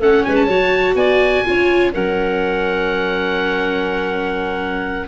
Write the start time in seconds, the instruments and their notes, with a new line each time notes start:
0.00 tuba A3, viola C#4, clarinet A4, oboe F#5
0.25 tuba G#3, clarinet B4, oboe G#5
0.35 oboe A5
0.47 tuba F#3, viola F#4, clarinet C#5
0.95 tuba B3, clarinet D5, oboe G#5
1.45 tuba C#4, viola F4, clarinet C#5
1.93 tuba F#3, viola C#4, clarinet A#4, oboe F#5